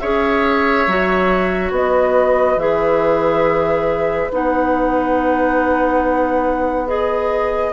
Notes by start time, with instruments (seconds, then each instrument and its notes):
0.00 bassoon C#4, clarinet G#4, oboe C#5, flute E5
0.88 bassoon F#3, clarinet F#4
1.72 bassoon B3, oboe B4, flute D#5
2.57 bassoon E3, clarinet G#4, flute E5
4.31 bassoon B3, clarinet D#4, flute F#5
6.87 clarinet G#4, flute D#5